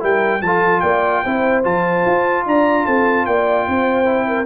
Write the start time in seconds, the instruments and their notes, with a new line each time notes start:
0.00 tuba G3, trombone E4, horn A#4, trumpet G5
0.42 tuba F3, trombone F4, horn A4, trumpet A5
0.80 tuba A#3, horn D5, trumpet G5
1.24 tuba C4, trombone E4, horn C5
1.64 tuba F3, trombone F4, trumpet A5
2.06 tuba F4
2.46 tuba D4, horn D5, trumpet A#5
2.86 tuba C4, horn A4, trumpet A5
3.26 tuba A#3, horn D5, trumpet G5
3.67 tuba C4, horn C5
4.05 trombone E4
4.28 horn A#4